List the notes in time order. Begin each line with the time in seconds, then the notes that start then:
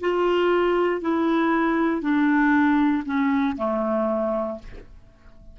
0.00 F4
1.01 E4
2.01 D4
3.05 C#4
3.57 A3